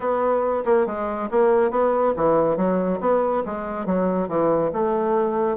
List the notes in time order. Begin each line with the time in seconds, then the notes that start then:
0.00 B3
0.65 A#3
0.86 G#3
1.31 A#3
1.70 B3
2.16 E3
2.56 F#3
3.00 B3
3.45 G#3
3.86 F#3
4.28 E3
4.73 A3